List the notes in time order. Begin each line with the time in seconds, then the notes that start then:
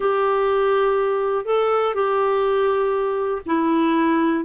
0.00 G4
1.45 A4
1.94 G4
3.46 E4